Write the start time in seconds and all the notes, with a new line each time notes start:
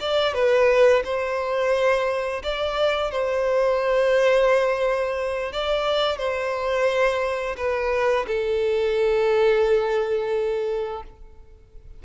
0.00 D5
0.34 B4
1.05 C5
2.43 D5
3.11 C5
5.52 D5
6.18 C5
7.57 B4
8.27 A4